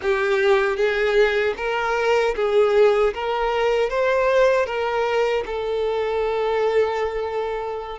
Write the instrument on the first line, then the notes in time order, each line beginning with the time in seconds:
violin
0.02 G4
0.76 G#4
1.57 A#4
2.36 G#4
3.14 A#4
3.89 C5
4.65 A#4
5.45 A4